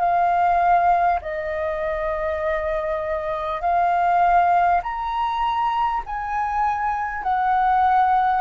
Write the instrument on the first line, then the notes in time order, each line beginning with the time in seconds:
flute
0.00 F5
1.22 D#5
3.62 F5
4.83 A#5
6.07 G#5
7.23 F#5